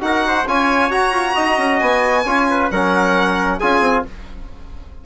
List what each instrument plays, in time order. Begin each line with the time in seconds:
0.00 bassoon D#4, trombone F#4, trumpet A#4, violin F#5
0.27 trumpet C5
0.47 bassoon C#4, trombone F4, trumpet C#5, violin G#5
0.90 bassoon F#4, trombone F#4, violin A#5
1.11 bassoon F4
1.35 bassoon D#4, trumpet D#5
1.58 bassoon C#4
1.80 bassoon B3, violin G#5
2.25 bassoon C#4, trombone F4, trumpet C#5
2.50 trumpet B4
2.71 bassoon F#3, trombone C#4, trumpet A#4, violin F#5
3.59 bassoon C#4, trombone F4, trumpet G#4, violin G#5
3.81 bassoon C4